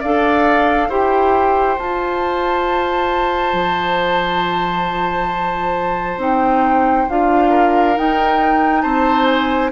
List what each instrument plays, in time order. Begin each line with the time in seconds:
0.00 bassoon D4, clarinet A4, oboe D5, flute F5
0.89 bassoon E4, clarinet G4, oboe C5, flute G5
1.78 clarinet F4, bassoon F4, flute A5
3.53 bassoon F3
6.17 bassoon C4, clarinet D#4, flute G5
7.09 bassoon D4, clarinet F4, flute F5
7.50 oboe A#4
7.96 clarinet D#4, bassoon D#4, flute G5
8.82 bassoon C4, oboe C5, flute A5
9.26 flute G#5